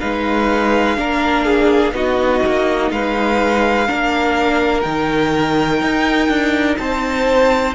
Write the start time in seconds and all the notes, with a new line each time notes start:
0.00 G#3 D#4 B4 F5
0.96 A#3 D4 A#4
1.45 G#4
1.92 B3 D#4 F#4 D#5
2.46 A#3
2.91 G#3 B4 F5
3.86 A#3 D4 A#4
4.81 D#3 D#4 G5
5.81 D#4
6.28 D4
6.77 C4 C5 A5